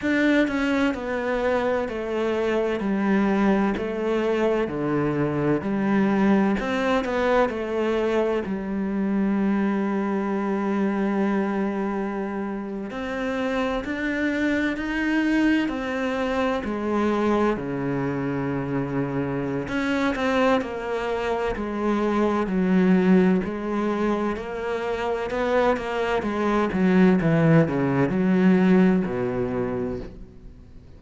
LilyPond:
\new Staff \with { instrumentName = "cello" } { \time 4/4 \tempo 4 = 64 d'8 cis'8 b4 a4 g4 | a4 d4 g4 c'8 b8 | a4 g2.~ | g4.~ g16 c'4 d'4 dis'16~ |
dis'8. c'4 gis4 cis4~ cis16~ | cis4 cis'8 c'8 ais4 gis4 | fis4 gis4 ais4 b8 ais8 | gis8 fis8 e8 cis8 fis4 b,4 | }